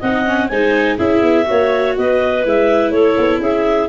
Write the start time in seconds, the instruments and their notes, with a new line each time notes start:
0.00 tuba C4, viola D#4, clarinet D#5 F#5
0.26 viola C#4
0.49 tuba G#3, viola D#4, clarinet C5 G#5
0.97 tuba C#4, viola E4, clarinet G#4 E5
1.22 tuba B3
1.45 tuba A#3, viola F#4, clarinet C#5
1.97 tuba B3, clarinet B4 D#5
2.45 tuba G#3, viola E4, clarinet E5
2.91 tuba A3, clarinet A4 C#5
3.18 tuba B3
3.40 tuba C#4, clarinet G#4 E5